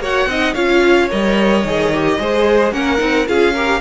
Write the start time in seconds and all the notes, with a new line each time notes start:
0.00 A#3 F#4 C#5 F#5
0.27 C4 D#4 D#5
0.54 C#4 F4 C#5 F5
1.11 G3 A#4 D#5
1.64 D#3 G#4
1.94 G4
2.20 G#3 G#4 C5
2.73 A#3 C#4 A#4 F#5
2.98 C4 D#4
3.27 C#4 F4 G#4 F5
3.54 G4 A#4